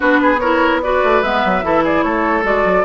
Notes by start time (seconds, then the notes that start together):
0.00 B3 D4 F#4 B4
0.22 G#4
0.39 E4 A#4 C#5
0.82 F#4 B4 D5
1.03 A3
1.22 G#3 B3 E5
1.44 F#3
1.62 E3 E4 A4
1.84 G#4 D5
2.03 A3 A4 C#5
2.43 G#3 F#4 D5
2.64 F#3